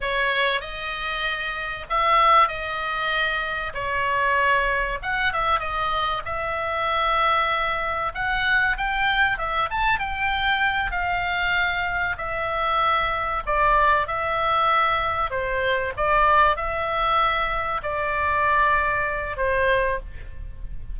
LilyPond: \new Staff \with { instrumentName = "oboe" } { \time 4/4 \tempo 4 = 96 cis''4 dis''2 e''4 | dis''2 cis''2 | fis''8 e''8 dis''4 e''2~ | e''4 fis''4 g''4 e''8 a''8 |
g''4. f''2 e''8~ | e''4. d''4 e''4.~ | e''8 c''4 d''4 e''4.~ | e''8 d''2~ d''8 c''4 | }